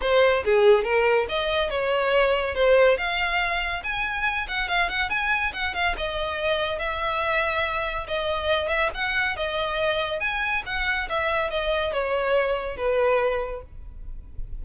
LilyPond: \new Staff \with { instrumentName = "violin" } { \time 4/4 \tempo 4 = 141 c''4 gis'4 ais'4 dis''4 | cis''2 c''4 f''4~ | f''4 gis''4. fis''8 f''8 fis''8 | gis''4 fis''8 f''8 dis''2 |
e''2. dis''4~ | dis''8 e''8 fis''4 dis''2 | gis''4 fis''4 e''4 dis''4 | cis''2 b'2 | }